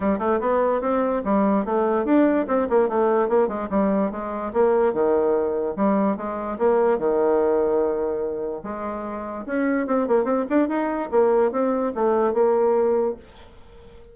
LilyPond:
\new Staff \with { instrumentName = "bassoon" } { \time 4/4 \tempo 4 = 146 g8 a8 b4 c'4 g4 | a4 d'4 c'8 ais8 a4 | ais8 gis8 g4 gis4 ais4 | dis2 g4 gis4 |
ais4 dis2.~ | dis4 gis2 cis'4 | c'8 ais8 c'8 d'8 dis'4 ais4 | c'4 a4 ais2 | }